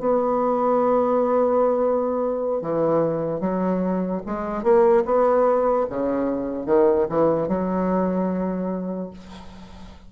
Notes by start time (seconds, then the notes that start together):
0.00 B3
2.62 E3
3.41 F#3
4.27 G#3
4.63 A#3
5.06 B3
5.90 C#3
6.66 D#3
7.09 E3
7.49 F#3